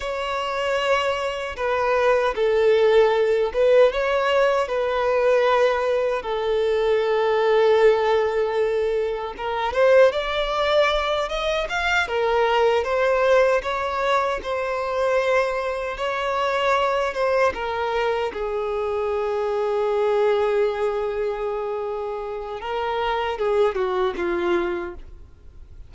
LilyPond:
\new Staff \with { instrumentName = "violin" } { \time 4/4 \tempo 4 = 77 cis''2 b'4 a'4~ | a'8 b'8 cis''4 b'2 | a'1 | ais'8 c''8 d''4. dis''8 f''8 ais'8~ |
ais'8 c''4 cis''4 c''4.~ | c''8 cis''4. c''8 ais'4 gis'8~ | gis'1~ | gis'4 ais'4 gis'8 fis'8 f'4 | }